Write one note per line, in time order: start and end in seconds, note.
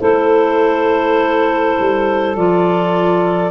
0.00 1.77 A3
0.00 2.36 E4
0.00 3.51 A4
0.00 2.36 C5
1.80 2.36 G3
2.36 3.51 F3
2.36 3.51 F4
2.36 3.51 D5